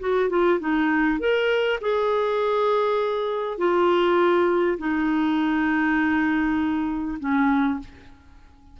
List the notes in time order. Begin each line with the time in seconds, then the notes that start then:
0.00 F#4
0.29 F4
0.60 D#4
1.19 A#4
1.81 G#4
3.58 F4
4.78 D#4
7.19 C#4